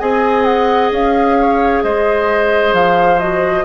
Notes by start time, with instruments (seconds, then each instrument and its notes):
0.00 bassoon C4, clarinet G#4, oboe D#5, flute G#5
0.45 flute F#5
0.91 bassoon C#4, flute F5
1.41 oboe C#5
1.83 bassoon G#3, oboe C5, flute D#5
2.73 bassoon F3, flute F5
3.20 clarinet F#4, flute D#5